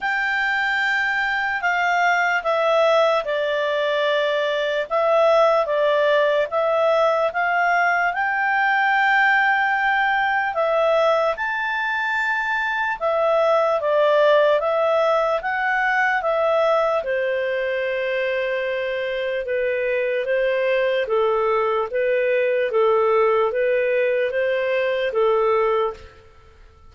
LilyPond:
\new Staff \with { instrumentName = "clarinet" } { \time 4/4 \tempo 4 = 74 g''2 f''4 e''4 | d''2 e''4 d''4 | e''4 f''4 g''2~ | g''4 e''4 a''2 |
e''4 d''4 e''4 fis''4 | e''4 c''2. | b'4 c''4 a'4 b'4 | a'4 b'4 c''4 a'4 | }